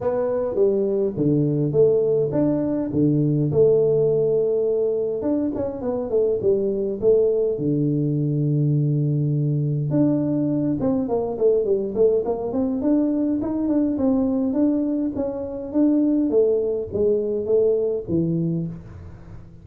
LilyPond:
\new Staff \with { instrumentName = "tuba" } { \time 4/4 \tempo 4 = 103 b4 g4 d4 a4 | d'4 d4 a2~ | a4 d'8 cis'8 b8 a8 g4 | a4 d2.~ |
d4 d'4. c'8 ais8 a8 | g8 a8 ais8 c'8 d'4 dis'8 d'8 | c'4 d'4 cis'4 d'4 | a4 gis4 a4 e4 | }